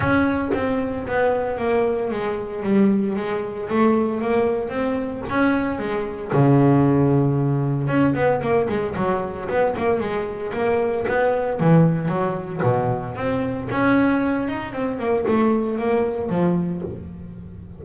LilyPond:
\new Staff \with { instrumentName = "double bass" } { \time 4/4 \tempo 4 = 114 cis'4 c'4 b4 ais4 | gis4 g4 gis4 a4 | ais4 c'4 cis'4 gis4 | cis2. cis'8 b8 |
ais8 gis8 fis4 b8 ais8 gis4 | ais4 b4 e4 fis4 | b,4 c'4 cis'4. dis'8 | c'8 ais8 a4 ais4 f4 | }